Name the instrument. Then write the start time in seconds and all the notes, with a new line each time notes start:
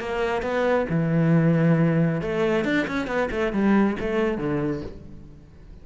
cello
0.00 A#3
0.42 B3
0.89 E3
2.22 A3
2.65 D4
2.88 C#4
3.07 B3
3.31 A3
3.53 G3
4.00 A3
4.38 D3